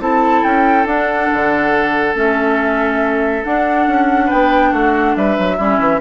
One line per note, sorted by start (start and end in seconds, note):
0.00 0.43 C4
0.00 0.87 E4
0.00 4.26 A4
0.00 0.44 A5
0.44 0.86 C#4
0.44 0.87 G5
0.86 1.28 D4
0.86 2.15 D4
0.86 2.16 F#5
1.33 2.15 D3
2.15 3.43 A3
2.15 3.43 C#4
2.15 3.45 E5
3.44 5.58 D4
3.44 3.87 D4
3.44 4.30 F#5
3.87 4.30 C#4
4.26 4.69 B4
4.26 4.73 G5
4.33 4.73 B3
4.72 5.15 A3
4.72 5.15 F#4
4.72 5.16 F#5
5.16 5.38 G3
5.16 5.57 B4
5.16 6.01 E5
5.38 5.59 F#3
5.57 5.79 G3
5.57 6.01 C#4
5.57 6.00 E4
5.79 6.01 E3